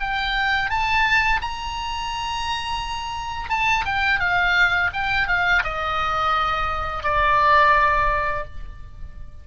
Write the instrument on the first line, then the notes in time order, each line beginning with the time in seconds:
oboe
0.00 G5
0.70 A5
1.41 A#5
3.49 A5
3.85 G5
4.20 F5
4.93 G5
5.27 F5
5.63 D#5
7.03 D5